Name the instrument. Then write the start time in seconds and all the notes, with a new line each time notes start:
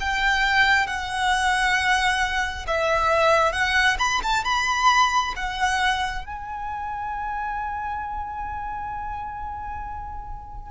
violin
0.00 G5
0.87 F#5
2.67 E5
3.53 F#5
3.99 B5
4.23 A5
4.45 B5
5.36 F#5
6.26 G#5